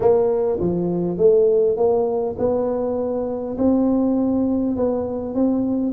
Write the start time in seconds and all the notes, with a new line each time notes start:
0.00 A#3
0.59 F3
1.17 A3
1.76 A#3
2.38 B3
3.58 C4
4.76 B3
5.34 C4